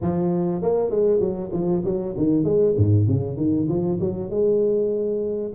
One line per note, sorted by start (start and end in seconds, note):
0.01 0.62 F3
0.62 0.90 A#3
0.90 1.20 G#3
1.20 1.50 F#3
1.52 1.83 F3
1.84 2.15 F#3
2.17 2.44 D#3
2.44 2.74 G#3
2.77 3.07 G#2
3.07 3.36 C#3
3.36 3.67 D#3
3.68 3.99 F3
4.00 4.30 F#3
4.30 5.52 G#3